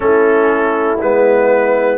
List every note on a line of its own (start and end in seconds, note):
0.00 1.00 A3
0.00 0.98 C#4
0.00 1.98 E4
0.00 0.98 A4
1.00 1.98 G#3
1.00 1.98 B3
1.00 1.98 B4